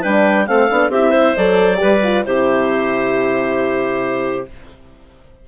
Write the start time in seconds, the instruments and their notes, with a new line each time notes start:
0.00 bassoon G3, horn D4, clarinet B4 G5
0.47 bassoon A3, horn C4, clarinet A4 F5
0.70 bassoon B3, horn D4
0.88 bassoon C4, horn E4, clarinet G4 E5
1.10 clarinet C5
1.36 bassoon F#3, horn A4, clarinet D5
1.76 bassoon G3, horn G4, clarinet B4
2.03 horn F4
2.24 bassoon C3, horn E4, clarinet G4 C5